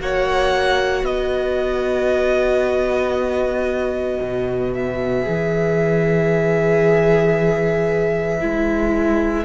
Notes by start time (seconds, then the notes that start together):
0.00 A#3 F#4 C#5 F#5
1.04 B3 B4 D#5
4.21 B2
4.74 E5
5.22 G#4
5.28 E3
8.41 G#3 E4